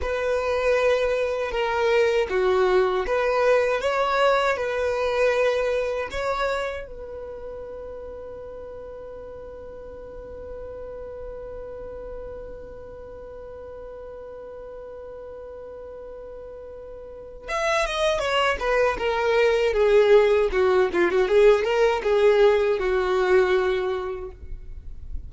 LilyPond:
\new Staff \with { instrumentName = "violin" } { \time 4/4 \tempo 4 = 79 b'2 ais'4 fis'4 | b'4 cis''4 b'2 | cis''4 b'2.~ | b'1~ |
b'1~ | b'2. e''8 dis''8 | cis''8 b'8 ais'4 gis'4 fis'8 f'16 fis'16 | gis'8 ais'8 gis'4 fis'2 | }